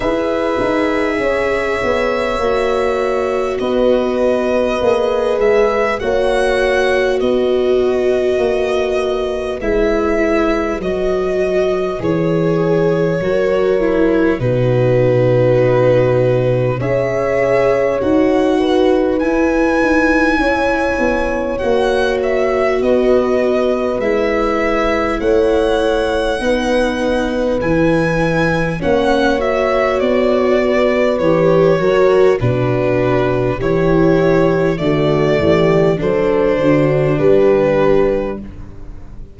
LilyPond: <<
  \new Staff \with { instrumentName = "violin" } { \time 4/4 \tempo 4 = 50 e''2. dis''4~ | dis''8 e''8 fis''4 dis''2 | e''4 dis''4 cis''2 | b'2 e''4 fis''4 |
gis''2 fis''8 e''8 dis''4 | e''4 fis''2 gis''4 | fis''8 e''8 d''4 cis''4 b'4 | cis''4 d''4 c''4 b'4 | }
  \new Staff \with { instrumentName = "horn" } { \time 4/4 b'4 cis''2 b'4~ | b'4 cis''4 b'2~ | b'2. ais'4 | fis'2 cis''4. b'8~ |
b'4 cis''2 b'4~ | b'4 cis''4 b'2 | cis''4. b'4 ais'8 fis'4 | g'4 fis'8 g'8 a'8 fis'8 g'4 | }
  \new Staff \with { instrumentName = "viola" } { \time 4/4 gis'2 fis'2 | gis'4 fis'2. | e'4 fis'4 gis'4 fis'8 e'8 | dis'2 gis'4 fis'4 |
e'2 fis'2 | e'2 dis'4 e'4 | cis'8 fis'4. g'8 fis'8 d'4 | e'4 a4 d'2 | }
  \new Staff \with { instrumentName = "tuba" } { \time 4/4 e'8 dis'8 cis'8 b8 ais4 b4 | ais8 gis8 ais4 b4 ais4 | gis4 fis4 e4 fis4 | b,2 cis'4 dis'4 |
e'8 dis'8 cis'8 b8 ais4 b4 | gis4 a4 b4 e4 | ais4 b4 e8 fis8 b,4 | e4 d8 e8 fis8 d8 g4 | }
>>